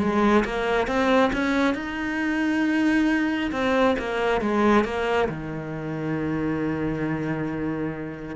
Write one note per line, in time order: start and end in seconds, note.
0.00 0.44 G#3
0.45 0.87 A#3
0.87 1.32 C4
1.33 1.75 C#4
1.75 3.51 D#4
3.52 3.96 C4
3.99 4.42 A#3
4.42 4.85 G#3
4.85 5.29 A#3
5.29 8.36 D#3